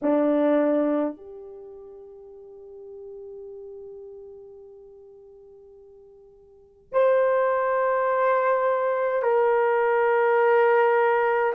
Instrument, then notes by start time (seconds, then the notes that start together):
horn
0.02 D4
1.16 G4
6.92 C5
9.22 A#4